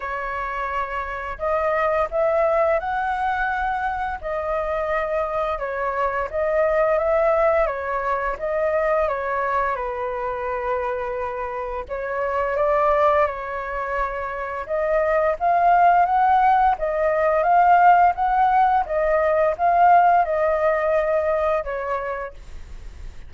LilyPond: \new Staff \with { instrumentName = "flute" } { \time 4/4 \tempo 4 = 86 cis''2 dis''4 e''4 | fis''2 dis''2 | cis''4 dis''4 e''4 cis''4 | dis''4 cis''4 b'2~ |
b'4 cis''4 d''4 cis''4~ | cis''4 dis''4 f''4 fis''4 | dis''4 f''4 fis''4 dis''4 | f''4 dis''2 cis''4 | }